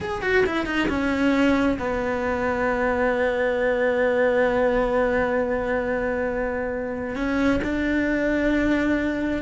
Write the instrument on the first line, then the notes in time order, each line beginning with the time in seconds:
cello
0.00 G#4
0.21 F#4
0.46 E4
0.66 D#4
0.88 C#4
1.78 B3
7.15 C#4
7.63 D4